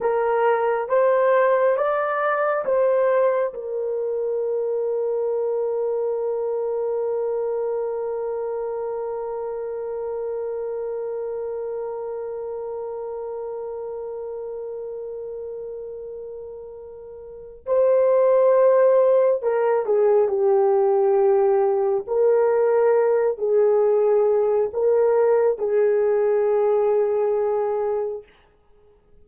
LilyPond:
\new Staff \with { instrumentName = "horn" } { \time 4/4 \tempo 4 = 68 ais'4 c''4 d''4 c''4 | ais'1~ | ais'1~ | ais'1~ |
ais'1 | c''2 ais'8 gis'8 g'4~ | g'4 ais'4. gis'4. | ais'4 gis'2. | }